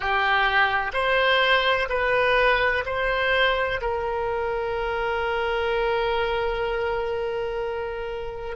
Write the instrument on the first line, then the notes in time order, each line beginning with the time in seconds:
oboe
0.00 G4
0.93 C5
1.89 B4
2.85 C5
3.81 A#4